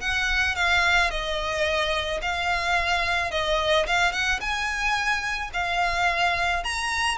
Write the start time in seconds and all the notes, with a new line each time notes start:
0.00 F#5
0.55 F5
1.10 D#5
2.22 F5
3.31 D#5
3.86 F5
4.12 F#5
4.40 G#5
5.53 F5
6.63 A#5